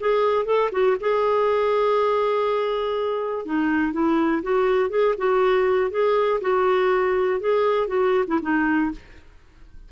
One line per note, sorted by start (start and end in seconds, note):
0.00 0.46 G#4
0.46 0.71 A4
0.72 0.97 F#4
1.00 3.46 G#4
3.46 3.93 D#4
3.93 4.42 E4
4.43 4.90 F#4
4.90 5.15 G#4
5.18 5.91 F#4
5.91 6.41 G#4
6.41 7.40 F#4
7.40 7.88 G#4
7.88 8.25 F#4
8.27 8.40 E4
8.42 8.91 D#4